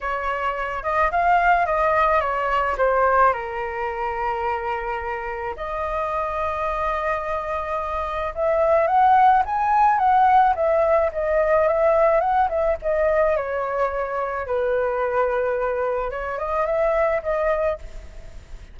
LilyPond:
\new Staff \with { instrumentName = "flute" } { \time 4/4 \tempo 4 = 108 cis''4. dis''8 f''4 dis''4 | cis''4 c''4 ais'2~ | ais'2 dis''2~ | dis''2. e''4 |
fis''4 gis''4 fis''4 e''4 | dis''4 e''4 fis''8 e''8 dis''4 | cis''2 b'2~ | b'4 cis''8 dis''8 e''4 dis''4 | }